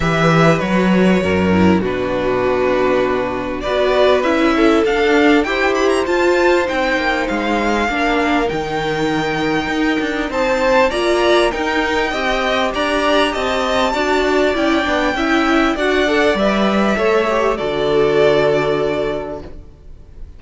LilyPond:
<<
  \new Staff \with { instrumentName = "violin" } { \time 4/4 \tempo 4 = 99 e''4 cis''2 b'4~ | b'2 d''4 e''4 | f''4 g''8 b''16 ais''16 a''4 g''4 | f''2 g''2~ |
g''4 a''4 ais''4 g''4~ | g''4 ais''4 a''2 | g''2 fis''4 e''4~ | e''4 d''2. | }
  \new Staff \with { instrumentName = "violin" } { \time 4/4 b'2 ais'4 fis'4~ | fis'2 b'4. a'8~ | a'4 c''2.~ | c''4 ais'2.~ |
ais'4 c''4 d''4 ais'4 | dis''4 d''4 dis''4 d''4~ | d''4 e''4 d''2 | cis''4 a'2. | }
  \new Staff \with { instrumentName = "viola" } { \time 4/4 g'4 fis'4. e'8 d'4~ | d'2 fis'4 e'4 | d'4 g'4 f'4 dis'4~ | dis'4 d'4 dis'2~ |
dis'2 f'4 dis'4 | g'2. fis'4 | e'8 d'8 e'4 fis'8 a'8 b'4 | a'8 g'8 fis'2. | }
  \new Staff \with { instrumentName = "cello" } { \time 4/4 e4 fis4 fis,4 b,4~ | b,2 b4 cis'4 | d'4 e'4 f'4 c'8 ais8 | gis4 ais4 dis2 |
dis'8 d'8 c'4 ais4 dis'4 | c'4 d'4 c'4 d'4 | cis'8 b8 cis'4 d'4 g4 | a4 d2. | }
>>